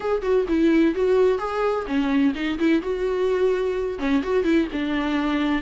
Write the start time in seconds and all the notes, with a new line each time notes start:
0.00 G#4
0.22 F#4
0.48 E4
0.94 F#4
1.38 G#4
1.86 C#4
2.35 D#4
2.58 E4
2.81 F#4
3.98 C#4
4.22 F#4
4.44 E4
4.72 D4